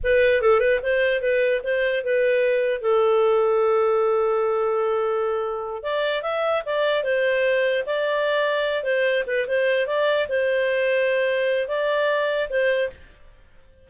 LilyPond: \new Staff \with { instrumentName = "clarinet" } { \time 4/4 \tempo 4 = 149 b'4 a'8 b'8 c''4 b'4 | c''4 b'2 a'4~ | a'1~ | a'2~ a'8 d''4 e''8~ |
e''8 d''4 c''2 d''8~ | d''2 c''4 b'8 c''8~ | c''8 d''4 c''2~ c''8~ | c''4 d''2 c''4 | }